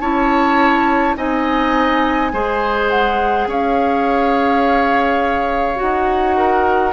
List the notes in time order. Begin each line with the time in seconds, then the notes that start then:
0.00 C#4 E4 C#5 A5
1.16 C4 D#4 D#5 G#5
2.32 G#3 G#4 C5
2.90 F#5
3.46 C#4 C#5 F5
5.75 F#4 F#5
5.82 D#4
6.37 A#4